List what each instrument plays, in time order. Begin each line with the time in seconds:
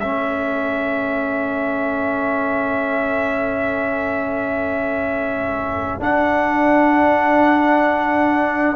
0.00 tuba A3, trombone C#4, horn A4, trumpet E5
5.99 tuba D4, trombone D4, trumpet F#5